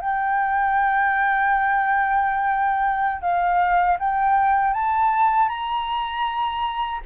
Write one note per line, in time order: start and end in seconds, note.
0.00 3.21 G5
3.21 3.97 F5
3.99 4.74 G5
4.74 5.49 A5
5.49 7.00 A#5